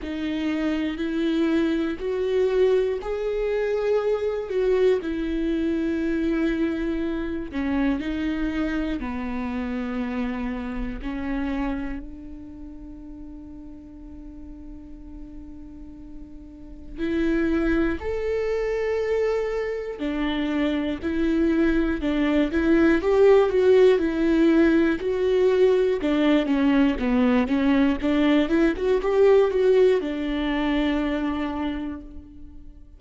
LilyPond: \new Staff \with { instrumentName = "viola" } { \time 4/4 \tempo 4 = 60 dis'4 e'4 fis'4 gis'4~ | gis'8 fis'8 e'2~ e'8 cis'8 | dis'4 b2 cis'4 | d'1~ |
d'4 e'4 a'2 | d'4 e'4 d'8 e'8 g'8 fis'8 | e'4 fis'4 d'8 cis'8 b8 cis'8 | d'8 e'16 fis'16 g'8 fis'8 d'2 | }